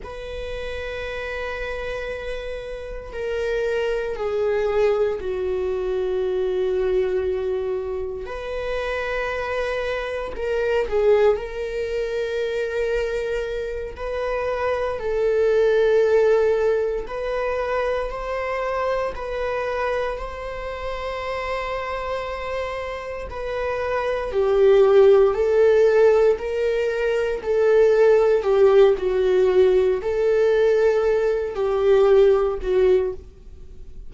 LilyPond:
\new Staff \with { instrumentName = "viola" } { \time 4/4 \tempo 4 = 58 b'2. ais'4 | gis'4 fis'2. | b'2 ais'8 gis'8 ais'4~ | ais'4. b'4 a'4.~ |
a'8 b'4 c''4 b'4 c''8~ | c''2~ c''8 b'4 g'8~ | g'8 a'4 ais'4 a'4 g'8 | fis'4 a'4. g'4 fis'8 | }